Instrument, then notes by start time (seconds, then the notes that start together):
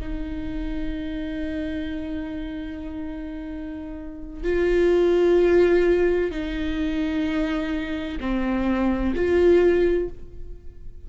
viola
0.00 D#4
4.44 F4
6.31 D#4
8.21 C4
9.16 F4